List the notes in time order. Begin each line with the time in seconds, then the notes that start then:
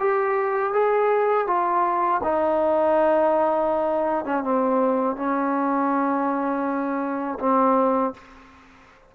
0.00 G4
0.73 G#4
1.47 F4
2.24 D#4
4.26 C#4
4.44 C4
5.16 C#4
7.40 C4